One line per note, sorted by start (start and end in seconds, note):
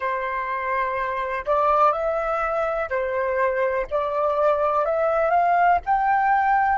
0.00 1.45 C5
1.46 1.92 D5
1.92 2.89 E5
2.89 3.86 C5
3.90 4.85 D5
4.85 5.30 E5
5.30 5.78 F5
5.85 6.78 G5